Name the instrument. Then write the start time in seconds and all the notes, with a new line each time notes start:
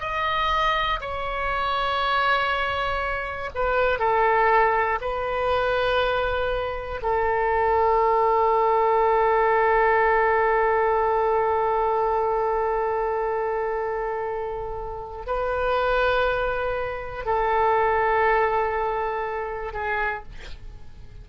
oboe
0.00 D#5
1.00 C#5
3.55 B4
3.99 A4
5.01 B4
7.02 A4
15.26 B4
17.25 A4
19.73 G#4